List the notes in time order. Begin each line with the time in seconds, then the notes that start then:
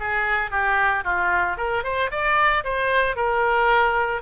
0.00 G#4
0.51 G4
1.04 F4
1.58 A#4
1.84 C5
2.11 D5
2.64 C5
3.17 A#4